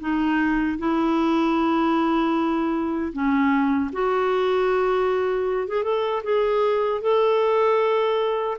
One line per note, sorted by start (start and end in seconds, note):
0.00 0.78 D#4
0.78 3.12 E4
3.12 3.90 C#4
3.92 5.67 F#4
5.67 5.83 G#4
5.83 6.22 A4
6.23 7.01 G#4
7.01 8.57 A4